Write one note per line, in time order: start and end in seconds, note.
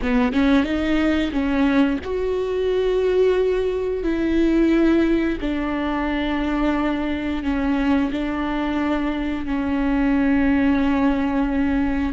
0.02 0.32 B3
0.32 0.63 C#4
0.63 1.31 D#4
1.32 1.99 C#4
2.04 4.03 F#4
4.03 5.37 E4
5.41 7.43 D4
7.43 8.11 C#4
8.11 9.46 D4
9.46 12.13 C#4